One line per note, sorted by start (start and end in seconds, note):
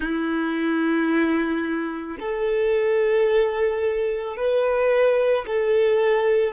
0.00 2.17 E4
2.19 4.36 A4
4.36 5.45 B4
5.46 6.53 A4